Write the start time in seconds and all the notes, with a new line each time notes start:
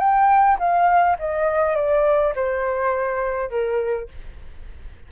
0.00 G5
0.59 F5
1.20 D#5
1.76 D5
2.36 C5
3.50 A#4